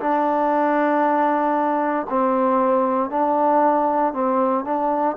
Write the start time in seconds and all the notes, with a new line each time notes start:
0.00 D4
2.10 C4
3.10 D4
4.13 C4
4.65 D4